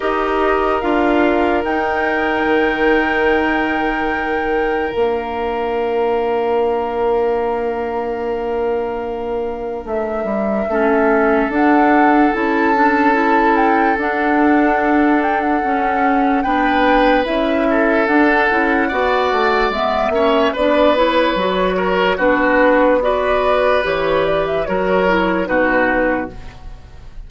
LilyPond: <<
  \new Staff \with { instrumentName = "flute" } { \time 4/4 \tempo 4 = 73 dis''4 f''4 g''2~ | g''2 f''2~ | f''1 | e''2 fis''4 a''4~ |
a''8 g''8 fis''4. g''16 fis''4~ fis''16 | g''4 e''4 fis''2 | e''4 d''8 cis''4. b'4 | d''4 cis''8 d''16 e''16 cis''4 b'4 | }
  \new Staff \with { instrumentName = "oboe" } { \time 4/4 ais'1~ | ais'1~ | ais'1~ | ais'4 a'2.~ |
a'1 | b'4. a'4. d''4~ | d''8 cis''8 b'4. ais'8 fis'4 | b'2 ais'4 fis'4 | }
  \new Staff \with { instrumentName = "clarinet" } { \time 4/4 g'4 f'4 dis'2~ | dis'2 d'2~ | d'1~ | d'4 cis'4 d'4 e'8 d'8 |
e'4 d'2 cis'4 | d'4 e'4 d'8 e'8 fis'4 | b8 cis'8 d'8 e'8 fis'4 d'4 | fis'4 g'4 fis'8 e'8 dis'4 | }
  \new Staff \with { instrumentName = "bassoon" } { \time 4/4 dis'4 d'4 dis'4 dis4~ | dis2 ais2~ | ais1 | a8 g8 a4 d'4 cis'4~ |
cis'4 d'2 cis'4 | b4 cis'4 d'8 cis'8 b8 a8 | gis8 ais8 b4 fis4 b4~ | b4 e4 fis4 b,4 | }
>>